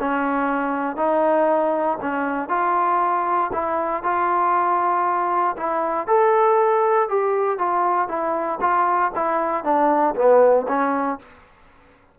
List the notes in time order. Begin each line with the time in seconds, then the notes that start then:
0.00 C#4
0.97 D#4
2.02 C#4
2.49 F4
3.53 E4
4.04 F4
5.57 E4
6.07 A4
7.09 G4
7.59 F4
8.09 E4
8.61 F4
9.16 E4
9.64 D4
10.16 B3
10.68 C#4